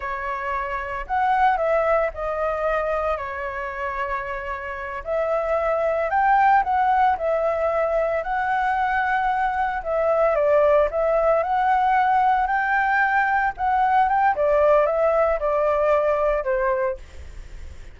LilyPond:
\new Staff \with { instrumentName = "flute" } { \time 4/4 \tempo 4 = 113 cis''2 fis''4 e''4 | dis''2 cis''2~ | cis''4. e''2 g''8~ | g''8 fis''4 e''2 fis''8~ |
fis''2~ fis''8 e''4 d''8~ | d''8 e''4 fis''2 g''8~ | g''4. fis''4 g''8 d''4 | e''4 d''2 c''4 | }